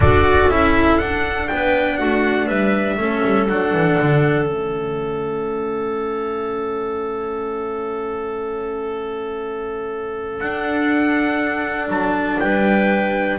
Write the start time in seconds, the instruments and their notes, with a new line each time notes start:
0.00 double bass D4, cello F#4, clarinet A4, trumpet D5
0.48 double bass C#4, cello E4, trumpet E5
0.98 double bass D4, cello D4, trumpet F#5
1.48 double bass B3, clarinet B4, trumpet G5
1.97 double bass A3, clarinet F#4, trumpet F#5
2.46 double bass G3, clarinet B4, trumpet E5
2.97 double bass A3, cello C#4, clarinet A4
3.24 double bass G3
3.48 double bass F#3, cello D4, trumpet F#5
3.73 double bass E3
3.99 double bass D3
4.46 double bass A3, cello C#4, trumpet E5
10.39 cello D4, double bass D4, trumpet F#5
11.88 double bass F#3, trumpet A5
12.40 double bass G3, clarinet B4, trumpet G5